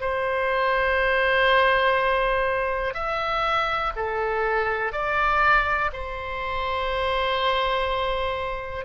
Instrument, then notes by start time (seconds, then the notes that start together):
oboe
0.00 C5
2.94 E5
3.96 A4
4.92 D5
5.93 C5